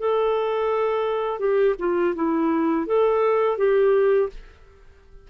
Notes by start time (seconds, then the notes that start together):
0.00 A4
1.40 G4
1.79 F4
2.16 E4
2.87 A4
3.58 G4